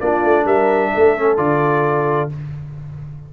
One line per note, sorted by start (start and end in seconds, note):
0.00 0.24 A#3
0.00 1.18 D4
0.00 0.45 F4
0.00 0.46 D5
0.24 0.45 A3
0.45 0.92 G3
0.45 0.92 A#4
0.45 1.37 E5
0.95 1.38 A3
0.95 2.33 A4
1.18 1.37 C#4
1.37 2.30 D3
1.37 2.29 F4
1.37 2.30 D5